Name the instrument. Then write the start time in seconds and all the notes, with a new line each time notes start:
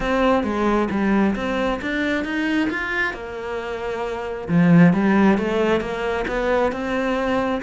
cello
0.00 C4
0.43 G#3
0.90 G3
1.35 C4
1.81 D4
2.24 D#4
2.70 F4
3.13 A#3
4.48 F3
4.93 G3
5.38 A3
5.80 A#3
6.27 B3
6.71 C4